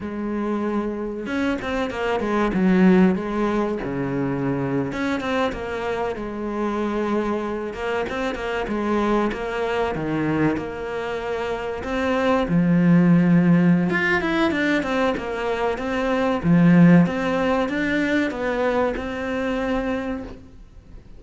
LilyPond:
\new Staff \with { instrumentName = "cello" } { \time 4/4 \tempo 4 = 95 gis2 cis'8 c'8 ais8 gis8 | fis4 gis4 cis4.~ cis16 cis'16~ | cis'16 c'8 ais4 gis2~ gis16~ | gis16 ais8 c'8 ais8 gis4 ais4 dis16~ |
dis8. ais2 c'4 f16~ | f2 f'8 e'8 d'8 c'8 | ais4 c'4 f4 c'4 | d'4 b4 c'2 | }